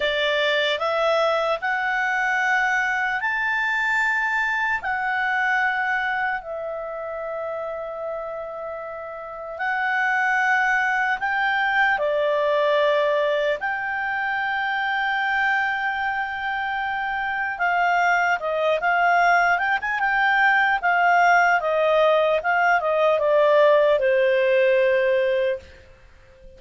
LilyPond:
\new Staff \with { instrumentName = "clarinet" } { \time 4/4 \tempo 4 = 75 d''4 e''4 fis''2 | a''2 fis''2 | e''1 | fis''2 g''4 d''4~ |
d''4 g''2.~ | g''2 f''4 dis''8 f''8~ | f''8 g''16 gis''16 g''4 f''4 dis''4 | f''8 dis''8 d''4 c''2 | }